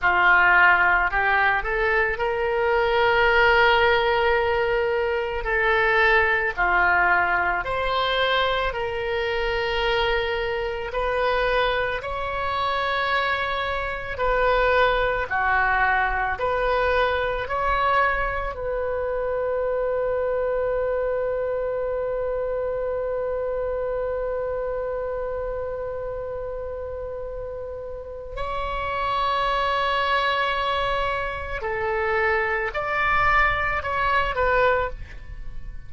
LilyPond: \new Staff \with { instrumentName = "oboe" } { \time 4/4 \tempo 4 = 55 f'4 g'8 a'8 ais'2~ | ais'4 a'4 f'4 c''4 | ais'2 b'4 cis''4~ | cis''4 b'4 fis'4 b'4 |
cis''4 b'2.~ | b'1~ | b'2 cis''2~ | cis''4 a'4 d''4 cis''8 b'8 | }